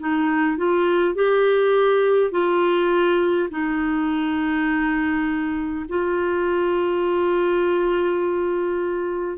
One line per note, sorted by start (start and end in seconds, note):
0.00 0.57 D#4
0.57 1.15 F4
1.15 2.32 G4
2.32 3.49 F4
3.50 5.86 D#4
5.89 9.38 F4